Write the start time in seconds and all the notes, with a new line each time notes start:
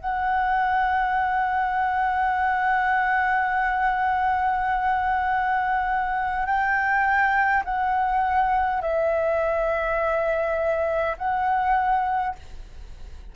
0.00 F#5
6.45 G5
7.64 F#5
8.81 E5
11.17 F#5